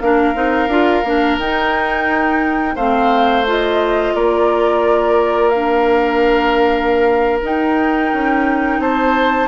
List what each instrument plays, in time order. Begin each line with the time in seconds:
0.00 bassoon A#3, clarinet D4, oboe A#4, flute F5
0.34 bassoon C4, clarinet D#4
0.68 bassoon D4, clarinet F4
1.03 bassoon A#3, clarinet D4
1.38 bassoon D#4, clarinet D#4, flute G5
2.75 bassoon A3, clarinet C4, oboe C5, flute F5
3.46 clarinet F4, flute D#5
4.14 bassoon A#3, oboe A#4, flute D5
5.49 clarinet D4, flute F5
7.42 clarinet D#4, bassoon D#4, flute G5
8.12 bassoon C#4
8.79 bassoon C4, oboe C5, flute A5